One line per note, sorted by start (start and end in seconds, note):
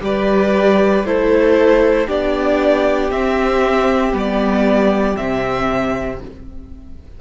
0.00 1.04 G3
0.00 1.03 G4
0.00 1.06 B4
0.00 1.05 D5
1.04 2.07 A3
1.04 2.07 E4
1.04 2.06 A4
1.04 2.09 C5
2.06 3.11 B3
2.06 3.11 D4
2.06 6.20 G4
2.06 3.10 D5
3.10 4.13 C4
3.10 4.12 C4
3.10 4.14 E5
4.12 5.16 G3
4.12 5.16 B3
4.12 5.17 D5
5.17 6.21 C3
5.17 6.20 C4
5.17 6.20 E5